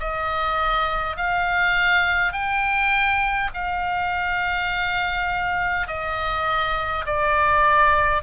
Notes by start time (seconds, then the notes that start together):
0.00 D#5
1.17 F5
2.33 G5
3.55 F5
5.88 D#5
7.06 D5